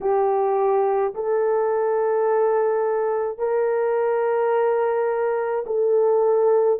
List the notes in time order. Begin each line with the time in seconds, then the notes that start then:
0.01 G4
1.14 A4
3.38 A#4
5.66 A4